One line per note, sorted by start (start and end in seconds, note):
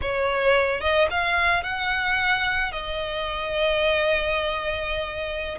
0.01 0.80 C#5
0.80 1.08 D#5
1.10 1.63 F5
1.63 2.71 F#5
2.71 5.58 D#5